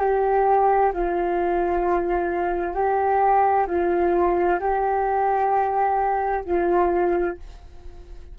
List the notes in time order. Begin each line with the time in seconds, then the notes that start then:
0.00 G4
0.93 F4
2.74 G4
3.67 F4
4.60 G4
6.45 F4